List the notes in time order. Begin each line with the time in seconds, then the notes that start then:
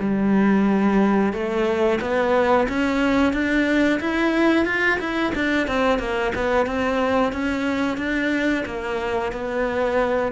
0.00 G3
1.33 A3
2.01 B3
2.68 C#4
3.33 D4
4.00 E4
4.65 F4
5.00 E4
5.35 D4
5.67 C4
5.99 A#3
6.35 B3
6.66 C4
7.32 C#4
7.98 D4
8.66 A#3
9.32 B3